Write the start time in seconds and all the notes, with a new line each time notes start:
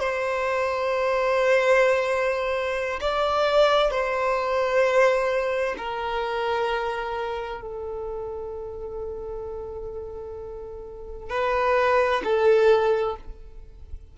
0.00 C5
3.01 D5
3.91 C5
5.78 A#4
7.62 A4
11.30 B4
12.24 A4